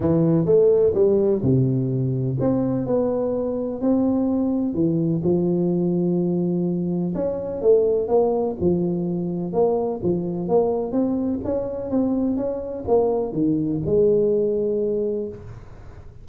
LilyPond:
\new Staff \with { instrumentName = "tuba" } { \time 4/4 \tempo 4 = 126 e4 a4 g4 c4~ | c4 c'4 b2 | c'2 e4 f4~ | f2. cis'4 |
a4 ais4 f2 | ais4 f4 ais4 c'4 | cis'4 c'4 cis'4 ais4 | dis4 gis2. | }